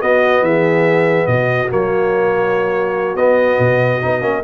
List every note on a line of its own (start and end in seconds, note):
0.00 1.69 B3
0.00 0.42 B3
0.00 0.44 F#4
0.00 0.44 D#5
0.42 1.26 E3
0.42 1.28 G#4
0.42 1.27 E5
1.27 1.69 B2
1.27 4.44 F#4
1.27 1.69 D#5
1.69 3.16 F#3
1.69 3.17 A#3
1.69 3.17 C#5
3.16 3.58 B3
3.16 4.02 B3
3.16 4.43 D#5
3.59 4.01 B2
4.02 4.22 B3
4.02 4.22 D#4
4.22 4.43 A#3
4.22 4.43 C#4